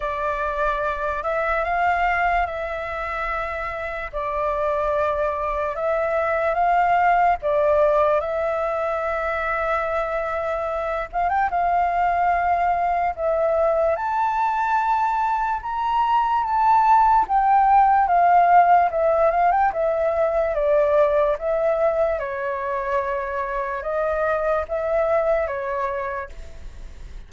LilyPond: \new Staff \with { instrumentName = "flute" } { \time 4/4 \tempo 4 = 73 d''4. e''8 f''4 e''4~ | e''4 d''2 e''4 | f''4 d''4 e''2~ | e''4. f''16 g''16 f''2 |
e''4 a''2 ais''4 | a''4 g''4 f''4 e''8 f''16 g''16 | e''4 d''4 e''4 cis''4~ | cis''4 dis''4 e''4 cis''4 | }